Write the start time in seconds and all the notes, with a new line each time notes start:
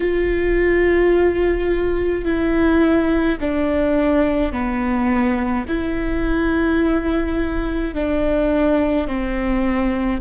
0.00 F4
2.24 E4
3.40 D4
4.52 B3
5.68 E4
7.94 D4
9.07 C4